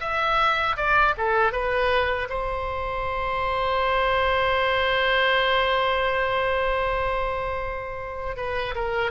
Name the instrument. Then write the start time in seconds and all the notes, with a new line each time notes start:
oboe
0.00 E5
0.76 D5
1.17 A4
1.52 B4
2.29 C5
8.36 B4
8.74 A#4